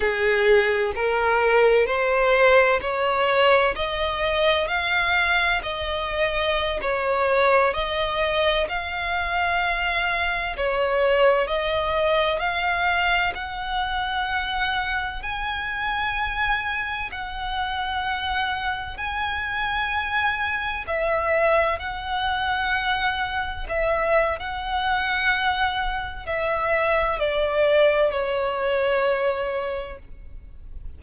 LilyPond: \new Staff \with { instrumentName = "violin" } { \time 4/4 \tempo 4 = 64 gis'4 ais'4 c''4 cis''4 | dis''4 f''4 dis''4~ dis''16 cis''8.~ | cis''16 dis''4 f''2 cis''8.~ | cis''16 dis''4 f''4 fis''4.~ fis''16~ |
fis''16 gis''2 fis''4.~ fis''16~ | fis''16 gis''2 e''4 fis''8.~ | fis''4~ fis''16 e''8. fis''2 | e''4 d''4 cis''2 | }